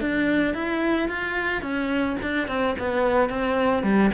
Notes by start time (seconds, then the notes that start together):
0.00 D4
0.54 E4
1.08 F4
1.61 C#4
2.22 D4
2.47 C4
2.78 B3
3.29 C4
3.83 G3